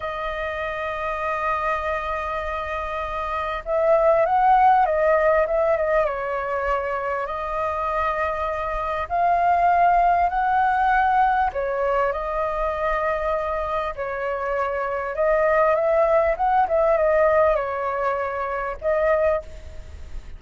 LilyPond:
\new Staff \with { instrumentName = "flute" } { \time 4/4 \tempo 4 = 99 dis''1~ | dis''2 e''4 fis''4 | dis''4 e''8 dis''8 cis''2 | dis''2. f''4~ |
f''4 fis''2 cis''4 | dis''2. cis''4~ | cis''4 dis''4 e''4 fis''8 e''8 | dis''4 cis''2 dis''4 | }